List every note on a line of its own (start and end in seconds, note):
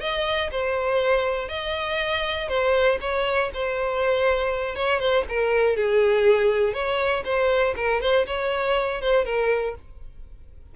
0.00 0.50 D#5
0.51 1.49 C5
1.49 2.49 D#5
2.49 2.99 C5
3.00 3.50 C#5
3.54 4.75 C5
4.75 4.99 C#5
4.99 5.24 C5
5.29 5.76 A#4
5.76 6.73 G#4
6.73 7.23 C#5
7.24 7.74 C5
7.76 8.01 A#4
8.01 8.26 C5
8.26 9.01 C#5
9.01 9.25 C5
9.25 9.75 A#4